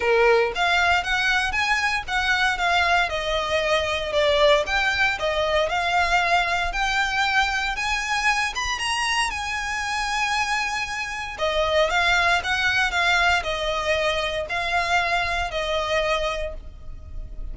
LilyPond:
\new Staff \with { instrumentName = "violin" } { \time 4/4 \tempo 4 = 116 ais'4 f''4 fis''4 gis''4 | fis''4 f''4 dis''2 | d''4 g''4 dis''4 f''4~ | f''4 g''2 gis''4~ |
gis''8 b''8 ais''4 gis''2~ | gis''2 dis''4 f''4 | fis''4 f''4 dis''2 | f''2 dis''2 | }